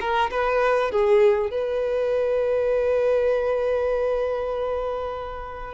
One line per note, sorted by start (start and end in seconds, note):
0.00 0.30 A#4
0.31 0.91 B4
0.91 1.50 G#4
1.50 5.74 B4